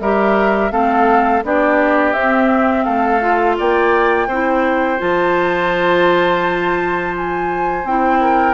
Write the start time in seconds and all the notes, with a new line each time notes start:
0.00 G3 G4 A#4 E5
0.71 A3 C4 A4 F5
1.44 B3 D4 G4 D5
2.13 C4 E5
2.84 A3 A4 F5
3.21 F4
3.58 A#3 D5 G5
4.28 C4 E4 C5
4.98 F3 F4 A5
7.17 G#5
7.84 C4 E4 G5
8.21 A#4